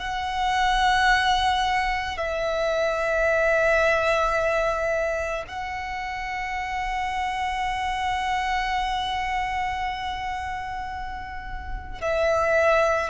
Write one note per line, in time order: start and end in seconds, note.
0.00 2.18 F#5
2.18 5.45 E5
5.48 12.02 F#5
12.02 13.10 E5